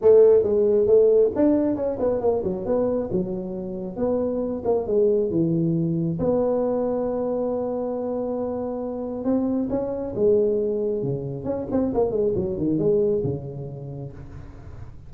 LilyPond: \new Staff \with { instrumentName = "tuba" } { \time 4/4 \tempo 4 = 136 a4 gis4 a4 d'4 | cis'8 b8 ais8 fis8 b4 fis4~ | fis4 b4. ais8 gis4 | e2 b2~ |
b1~ | b4 c'4 cis'4 gis4~ | gis4 cis4 cis'8 c'8 ais8 gis8 | fis8 dis8 gis4 cis2 | }